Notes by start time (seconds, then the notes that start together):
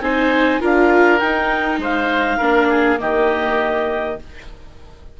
0.00 C4 D#4 C5 G#5
0.60 D4 F4 A#4 F5
1.19 D#4 G5
1.78 G#3 C5 F5
2.37 A#3 D4 A#4
2.69 G#4
2.98 D#3 A#3 G4 D#5